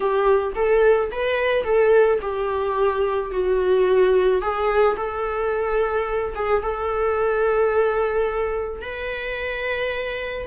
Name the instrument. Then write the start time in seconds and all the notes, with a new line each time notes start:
viola
0.00 G4
0.55 A4
1.11 B4
1.64 A4
2.21 G4
3.31 F#4
4.41 G#4
4.96 A4
6.35 G#4
6.62 A4
8.81 B4